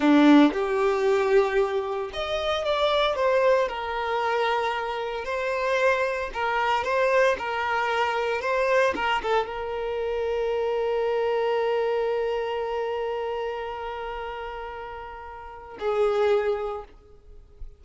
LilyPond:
\new Staff \with { instrumentName = "violin" } { \time 4/4 \tempo 4 = 114 d'4 g'2. | dis''4 d''4 c''4 ais'4~ | ais'2 c''2 | ais'4 c''4 ais'2 |
c''4 ais'8 a'8 ais'2~ | ais'1~ | ais'1~ | ais'2 gis'2 | }